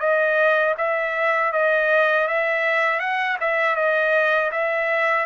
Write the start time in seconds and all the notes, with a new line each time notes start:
0.00 D#5
0.77 E5
1.52 D#5
2.28 E5
3.00 F#5
3.41 E5
3.76 D#5
4.52 E5